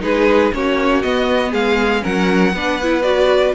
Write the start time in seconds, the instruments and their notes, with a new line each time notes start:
0.00 cello G#3, viola D#4, violin G#4 B4
0.53 cello A#3, viola C#4, violin F#4 C#5
1.02 viola B3, cello B3, violin D#5
1.51 cello G#3, violin G#4 F5
2.01 cello F#3, viola C#4, violin A#4 F#5
2.53 cello B3, viola D4, violin B4
2.83 viola E4
3.03 viola F#4, violin D5